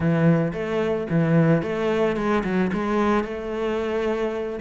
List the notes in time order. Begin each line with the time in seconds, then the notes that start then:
0.00 E3
0.53 A3
1.10 E3
1.62 A3
2.16 G#3
2.44 F#3
2.73 G#3
3.24 A3